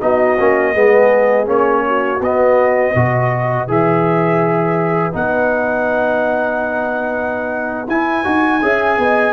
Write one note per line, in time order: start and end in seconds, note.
0.00 0.38 B3
0.00 0.37 D#4
0.00 0.73 F#4
0.00 1.47 D#5
0.39 0.74 A#3
0.39 0.74 C#4
0.73 1.47 G#3
0.73 1.45 B3
0.73 1.83 G#4
1.45 2.20 A#3
1.45 2.19 C#4
1.45 2.22 C#5
1.86 2.94 F#4
2.20 2.93 B3
2.20 2.95 B3
2.20 3.69 D#5
2.94 3.67 B2
2.94 3.67 F#4
2.94 8.61 B4
3.67 5.14 E3
3.67 5.12 G#4
3.67 5.15 E5
5.12 7.87 B3
5.12 7.86 D#4
5.12 7.89 F#5
7.87 8.24 E4
7.87 9.33 G#5
8.24 8.62 D#4
8.24 8.60 F#4
8.62 8.97 C#4
8.62 9.33 G#4
8.62 8.99 E5
8.97 9.33 B3
8.97 9.33 D#5